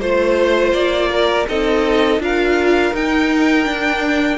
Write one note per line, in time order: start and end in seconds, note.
0.00 0.73 A3
0.00 1.48 F4
0.00 1.10 C5
0.00 0.73 C5
0.73 1.46 A#3
0.73 1.47 D5
1.11 1.48 A#4
1.49 2.19 C4
1.49 2.21 D#4
1.49 2.22 A4
1.49 2.22 D#5
2.19 2.92 D4
2.19 2.94 F4
2.19 4.39 A#4
2.19 2.95 F5
2.94 3.67 D#4
2.94 3.65 D#4
2.94 4.39 G5
3.65 4.38 D4
3.65 4.39 D4